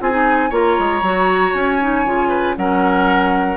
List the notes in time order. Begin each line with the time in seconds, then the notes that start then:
0.00 C4 F4 G#4 G#5
0.11 D#4
0.49 A#3 F4 C#5 A#5
0.79 G#3
1.02 F#3 F#4
1.53 C#4 G#5
1.80 D#4
2.05 C#3 F4
2.29 B4
2.57 F#3 C#4 A#4 F#5